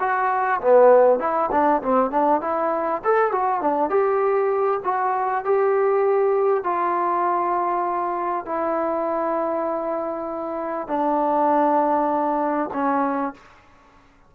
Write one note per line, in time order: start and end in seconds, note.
0.00 0.61 F#4
0.61 1.19 B3
1.19 1.50 E4
1.52 1.82 D4
1.82 2.11 C4
2.11 2.41 D4
2.41 3.02 E4
3.04 3.32 A4
3.32 3.61 F#4
3.61 3.90 D4
3.90 4.80 G4
4.84 5.44 F#4
5.44 6.64 G4
6.64 8.45 F4
8.45 10.88 E4
10.88 12.70 D4
12.73 13.34 C#4